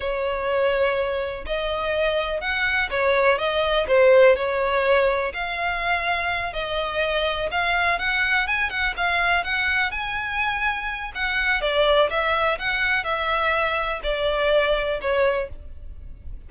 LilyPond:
\new Staff \with { instrumentName = "violin" } { \time 4/4 \tempo 4 = 124 cis''2. dis''4~ | dis''4 fis''4 cis''4 dis''4 | c''4 cis''2 f''4~ | f''4. dis''2 f''8~ |
f''8 fis''4 gis''8 fis''8 f''4 fis''8~ | fis''8 gis''2~ gis''8 fis''4 | d''4 e''4 fis''4 e''4~ | e''4 d''2 cis''4 | }